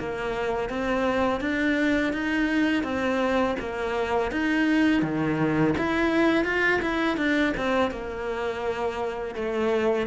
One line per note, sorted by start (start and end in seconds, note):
0.00 0.70 A#3
0.70 1.41 C4
1.41 2.13 D4
2.14 2.84 D#4
2.84 3.56 C4
3.60 4.32 A#3
4.32 5.03 D#4
5.03 5.75 D#3
5.78 6.45 E4
6.45 6.81 F4
6.82 7.18 E4
7.18 7.54 D4
7.57 7.92 C4
7.92 9.35 A#3
9.35 10.07 A3